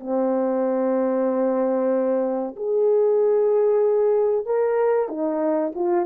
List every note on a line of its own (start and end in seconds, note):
0.00 2.55 C4
2.56 4.46 G#4
4.46 5.09 A#4
5.09 5.72 D#4
5.75 6.06 F4